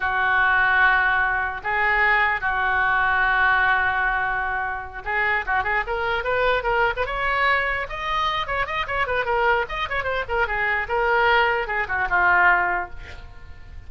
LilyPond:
\new Staff \with { instrumentName = "oboe" } { \time 4/4 \tempo 4 = 149 fis'1 | gis'2 fis'2~ | fis'1~ | fis'8 gis'4 fis'8 gis'8 ais'4 b'8~ |
b'8 ais'8. b'16 cis''2 dis''8~ | dis''4 cis''8 dis''8 cis''8 b'8 ais'4 | dis''8 cis''8 c''8 ais'8 gis'4 ais'4~ | ais'4 gis'8 fis'8 f'2 | }